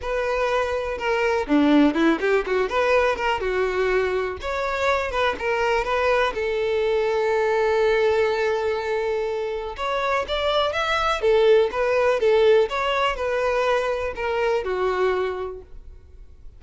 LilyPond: \new Staff \with { instrumentName = "violin" } { \time 4/4 \tempo 4 = 123 b'2 ais'4 d'4 | e'8 g'8 fis'8 b'4 ais'8 fis'4~ | fis'4 cis''4. b'8 ais'4 | b'4 a'2.~ |
a'1 | cis''4 d''4 e''4 a'4 | b'4 a'4 cis''4 b'4~ | b'4 ais'4 fis'2 | }